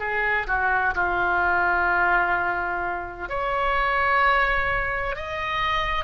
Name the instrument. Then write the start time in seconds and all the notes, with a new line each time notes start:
oboe
0.00 G#4
0.48 F#4
0.95 F4
3.29 C#5
5.16 D#5